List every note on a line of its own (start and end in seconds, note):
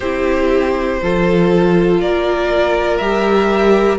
0.00 1.00 C4
0.00 1.02 E4
0.00 1.00 G4
0.00 1.98 C5
1.02 2.00 F3
1.02 3.01 F4
1.02 2.01 A4
2.00 3.00 A#3
2.00 3.98 A#4
2.00 2.97 D5
2.97 3.98 G3
2.97 3.98 G4
2.97 3.97 E5